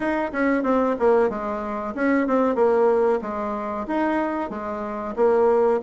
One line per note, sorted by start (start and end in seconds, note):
0.00 0.31 D#4
0.32 0.63 C#4
0.63 0.95 C4
0.99 1.29 A#3
1.29 1.94 G#3
1.94 2.27 C#4
2.27 2.55 C4
2.55 3.19 A#3
3.21 3.86 G#3
3.87 4.50 D#4
4.50 5.14 G#3
5.16 5.80 A#3